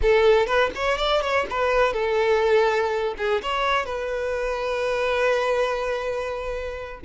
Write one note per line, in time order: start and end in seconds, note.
0.02 0.46 A4
0.46 0.70 B4
0.75 0.97 C#5
0.97 1.21 D5
1.21 1.46 C#5
1.50 1.93 B4
1.93 3.14 A4
3.17 3.41 G#4
3.42 3.85 C#5
3.85 7.00 B4